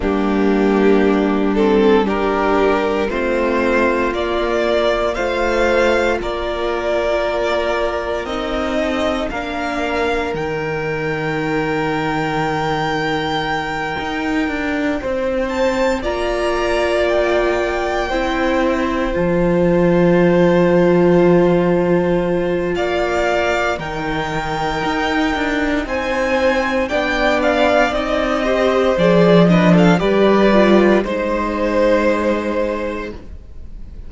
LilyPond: <<
  \new Staff \with { instrumentName = "violin" } { \time 4/4 \tempo 4 = 58 g'4. a'8 ais'4 c''4 | d''4 f''4 d''2 | dis''4 f''4 g''2~ | g''2. a''8 ais''8~ |
ais''8 g''2 a''4.~ | a''2 f''4 g''4~ | g''4 gis''4 g''8 f''8 dis''4 | d''8 dis''16 f''16 d''4 c''2 | }
  \new Staff \with { instrumentName = "violin" } { \time 4/4 d'2 g'4 f'4~ | f'4 c''4 ais'2~ | ais'8 a'8 ais'2.~ | ais'2~ ais'8 c''4 d''8~ |
d''4. c''2~ c''8~ | c''2 d''4 ais'4~ | ais'4 c''4 d''4. c''8~ | c''8 b'16 a'16 b'4 c''2 | }
  \new Staff \with { instrumentName = "viola" } { \time 4/4 ais4. c'8 d'4 c'4 | ais4 f'2. | dis'4 d'4 dis'2~ | dis'2.~ dis'8 f'8~ |
f'4. e'4 f'4.~ | f'2. dis'4~ | dis'2 d'4 dis'8 g'8 | gis'8 d'8 g'8 f'8 dis'2 | }
  \new Staff \with { instrumentName = "cello" } { \time 4/4 g2. a4 | ais4 a4 ais2 | c'4 ais4 dis2~ | dis4. dis'8 d'8 c'4 ais8~ |
ais4. c'4 f4.~ | f2 ais4 dis4 | dis'8 d'8 c'4 b4 c'4 | f4 g4 gis2 | }
>>